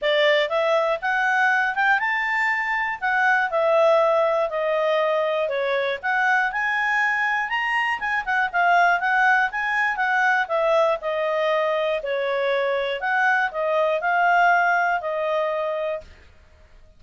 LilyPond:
\new Staff \with { instrumentName = "clarinet" } { \time 4/4 \tempo 4 = 120 d''4 e''4 fis''4. g''8 | a''2 fis''4 e''4~ | e''4 dis''2 cis''4 | fis''4 gis''2 ais''4 |
gis''8 fis''8 f''4 fis''4 gis''4 | fis''4 e''4 dis''2 | cis''2 fis''4 dis''4 | f''2 dis''2 | }